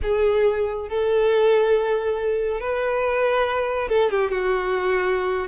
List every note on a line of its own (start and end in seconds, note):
0.02 0.88 G#4
0.88 2.60 A4
2.60 3.88 B4
3.88 4.09 A4
4.10 4.30 G4
4.30 5.47 F#4